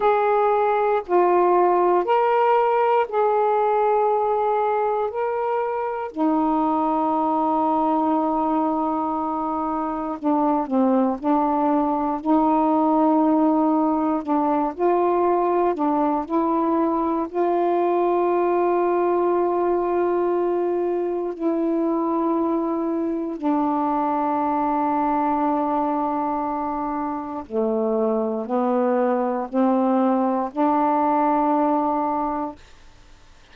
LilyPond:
\new Staff \with { instrumentName = "saxophone" } { \time 4/4 \tempo 4 = 59 gis'4 f'4 ais'4 gis'4~ | gis'4 ais'4 dis'2~ | dis'2 d'8 c'8 d'4 | dis'2 d'8 f'4 d'8 |
e'4 f'2.~ | f'4 e'2 d'4~ | d'2. a4 | b4 c'4 d'2 | }